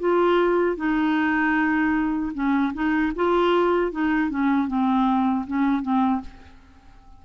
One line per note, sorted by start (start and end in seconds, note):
0.00 0.77 F4
0.77 2.32 D#4
2.34 2.73 C#4
2.73 3.12 D#4
3.16 3.92 F4
3.92 4.30 D#4
4.30 4.68 C#4
4.68 5.46 C4
5.47 5.82 C#4
5.82 6.21 C4